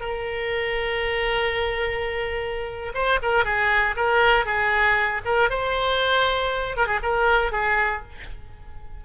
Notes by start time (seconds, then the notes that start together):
0.00 A#4
2.94 C5
3.22 A#4
3.44 G#4
3.96 A#4
4.45 G#4
5.25 A#4
5.50 C5
6.76 A#4
6.86 G#4
7.02 A#4
7.52 G#4